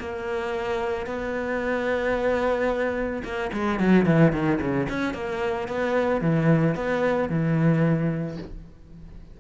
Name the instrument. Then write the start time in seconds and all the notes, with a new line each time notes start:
cello
0.00 A#3
1.07 B3
3.24 A#3
3.53 G#3
3.80 F#3
4.06 E3
4.33 D#3
4.61 C#3
4.90 C#4
5.14 A#3
5.69 B3
6.22 E3
6.76 B3
7.30 E3